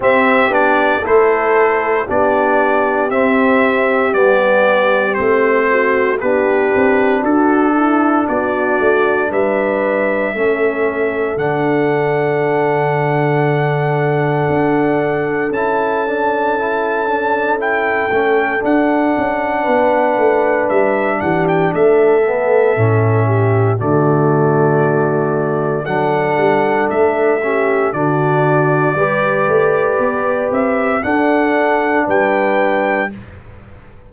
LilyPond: <<
  \new Staff \with { instrumentName = "trumpet" } { \time 4/4 \tempo 4 = 58 e''8 d''8 c''4 d''4 e''4 | d''4 c''4 b'4 a'4 | d''4 e''2 fis''4~ | fis''2. a''4~ |
a''4 g''4 fis''2 | e''8 fis''16 g''16 e''2 d''4~ | d''4 fis''4 e''4 d''4~ | d''4. e''8 fis''4 g''4 | }
  \new Staff \with { instrumentName = "horn" } { \time 4/4 g'4 a'4 g'2~ | g'4. fis'8 g'4 fis'8 e'8 | fis'4 b'4 a'2~ | a'1~ |
a'2. b'4~ | b'8 g'8 a'4. g'8 fis'4~ | fis'4 a'4. g'8 fis'4 | b'2 a'4 b'4 | }
  \new Staff \with { instrumentName = "trombone" } { \time 4/4 c'8 d'8 e'4 d'4 c'4 | b4 c'4 d'2~ | d'2 cis'4 d'4~ | d'2. e'8 d'8 |
e'8 d'8 e'8 cis'8 d'2~ | d'4. b8 cis'4 a4~ | a4 d'4. cis'8 d'4 | g'2 d'2 | }
  \new Staff \with { instrumentName = "tuba" } { \time 4/4 c'8 b8 a4 b4 c'4 | g4 a4 b8 c'8 d'4 | b8 a8 g4 a4 d4~ | d2 d'4 cis'4~ |
cis'4. a8 d'8 cis'8 b8 a8 | g8 e8 a4 a,4 d4~ | d4 fis8 g8 a4 d4 | g8 a8 b8 c'8 d'4 g4 | }
>>